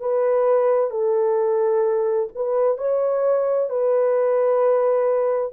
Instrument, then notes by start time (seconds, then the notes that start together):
horn
0.00 B4
0.91 A4
2.35 B4
2.78 C#5
3.70 B4